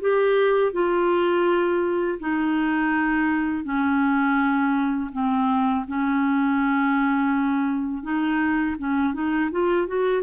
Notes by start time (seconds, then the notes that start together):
0.00 G4
0.72 F4
2.19 D#4
3.64 C#4
5.12 C4
5.87 C#4
8.02 D#4
8.78 C#4
9.13 D#4
9.51 F4
9.87 F#4